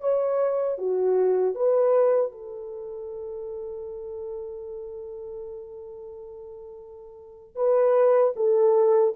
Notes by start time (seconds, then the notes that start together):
0.00 C#5
0.78 F#4
1.54 B4
2.31 A4
7.55 B4
8.36 A4